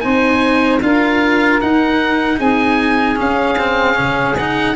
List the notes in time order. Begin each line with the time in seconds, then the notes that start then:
0.00 C4 D#4 C5 G#5
0.82 D4 F4 A#4 F5
1.60 D#4 F#5
2.37 C4 G#4 G#5
3.16 C#4 F5
3.58 C4
3.94 C#3 C#4
4.37 D#4 F#5